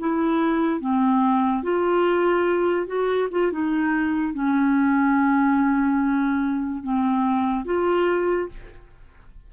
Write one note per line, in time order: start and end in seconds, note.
0.00 0.81 E4
0.81 1.63 C4
1.63 2.87 F4
2.87 3.29 F#4
3.31 3.52 F4
3.52 4.34 D#4
4.34 6.84 C#4
6.84 7.66 C4
7.66 8.49 F4